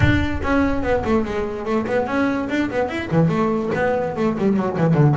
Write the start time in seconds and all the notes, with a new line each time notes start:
0.00 D4
0.43 C#4
0.82 B3
1.05 A3
1.25 G#3
1.65 A3
1.86 B3
2.07 C#4
2.49 D4
2.70 B3
2.88 E4
3.11 E3
3.28 A3
3.74 B3
4.16 A3
4.38 G3
4.56 F#3
4.77 E3
4.94 D3